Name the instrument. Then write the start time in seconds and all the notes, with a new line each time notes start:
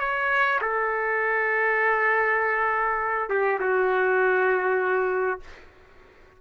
trumpet
0.00 C#5
0.62 A4
3.30 G4
3.61 F#4